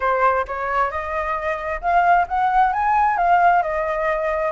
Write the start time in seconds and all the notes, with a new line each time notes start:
0.00 C5
0.47 C#5
0.90 D#5
1.81 F5
2.28 F#5
2.73 G#5
3.17 F5
3.62 D#5